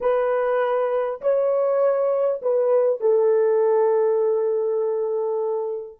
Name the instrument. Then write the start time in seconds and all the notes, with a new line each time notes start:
horn
0.00 B4
1.21 C#5
2.42 B4
3.00 A4